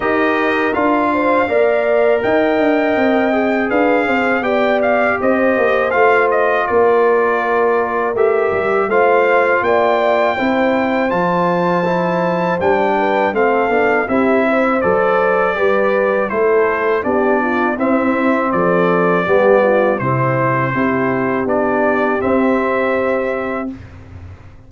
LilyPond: <<
  \new Staff \with { instrumentName = "trumpet" } { \time 4/4 \tempo 4 = 81 dis''4 f''2 g''4~ | g''4 f''4 g''8 f''8 dis''4 | f''8 dis''8 d''2 e''4 | f''4 g''2 a''4~ |
a''4 g''4 f''4 e''4 | d''2 c''4 d''4 | e''4 d''2 c''4~ | c''4 d''4 e''2 | }
  \new Staff \with { instrumentName = "horn" } { \time 4/4 ais'4. c''8 d''4 dis''4~ | dis''4 b'8 c''8 d''4 c''4~ | c''4 ais'2. | c''4 d''4 c''2~ |
c''4. b'8 a'4 g'8 c''8~ | c''4 b'4 a'4 g'8 f'8 | e'4 a'4 g'8 f'8 e'4 | g'1 | }
  \new Staff \with { instrumentName = "trombone" } { \time 4/4 g'4 f'4 ais'2~ | ais'8 gis'4. g'2 | f'2. g'4 | f'2 e'4 f'4 |
e'4 d'4 c'8 d'8 e'4 | a'4 g'4 e'4 d'4 | c'2 b4 c'4 | e'4 d'4 c'2 | }
  \new Staff \with { instrumentName = "tuba" } { \time 4/4 dis'4 d'4 ais4 dis'8 d'8 | c'4 d'8 c'8 b4 c'8 ais8 | a4 ais2 a8 g8 | a4 ais4 c'4 f4~ |
f4 g4 a8 b8 c'4 | fis4 g4 a4 b4 | c'4 f4 g4 c4 | c'4 b4 c'2 | }
>>